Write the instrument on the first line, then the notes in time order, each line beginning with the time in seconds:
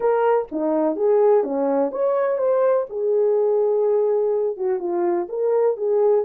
horn
0.00 A#4
0.51 D#4
0.96 G#4
1.43 C#4
1.91 C#5
2.38 C5
2.89 G#4
4.56 F#4
4.79 F4
5.28 A#4
5.76 G#4